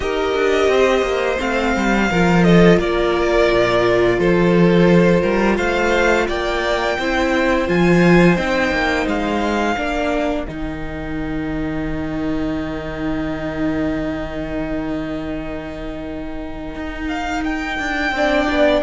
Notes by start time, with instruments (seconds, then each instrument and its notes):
0.00 cello D#4, viola G4, violin A#4 D#5
0.34 cello D4
0.68 cello C4, violin C5
1.02 cello A#3
1.37 cello A3, viola C4, violin F5
1.75 cello G3
2.10 cello F3, viola F4, violin A#4
2.43 violin A4 D#5
2.78 cello A#3, violin A#4 D5
3.50 cello A#2
4.18 cello F3, violin A4 C5
5.21 cello G3, violin A#4
5.57 cello A3, violin C5 F5
6.27 cello A#3, violin D5 G5
6.98 cello C4, viola E4, violin C5
7.67 cello F3, viola F4, violin G#5
8.36 cello C4, viola D#4, violin G5
8.71 cello A#3
9.06 cello G#3, violin F5
9.76 cello A#3, viola D4, violin A#4
10.45 cello D#3, viola D#4, violin G5
16.75 cello D#4
17.08 violin F5
17.44 violin G5
17.78 cello D4
18.11 cello C4, viola D4, violin D5
18.49 cello B3